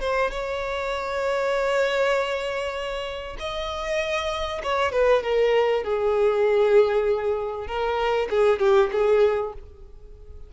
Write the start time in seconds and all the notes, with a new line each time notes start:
0.00 C5
0.30 C#5
3.39 D#5
4.63 C#5
4.92 B4
5.23 A#4
5.83 G#4
7.67 A#4
8.30 G#4
8.59 G4
8.91 G#4